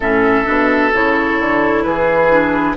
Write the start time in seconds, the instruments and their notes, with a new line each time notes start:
0.00 bassoon A2, clarinet C#4, oboe A4, flute E5
0.44 bassoon B2, clarinet D4
0.93 bassoon C#3, clarinet E4, flute C#5
1.39 bassoon D3
1.82 bassoon E3, oboe G#4, flute B4
2.30 clarinet D4